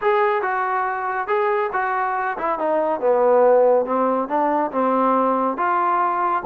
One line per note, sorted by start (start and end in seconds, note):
0.01 0.42 G#4
0.42 1.27 F#4
1.27 1.70 G#4
1.73 2.37 F#4
2.37 2.58 E4
2.58 3.00 D#4
3.00 3.85 B3
3.85 4.28 C4
4.28 4.71 D4
4.71 5.57 C4
5.57 6.43 F4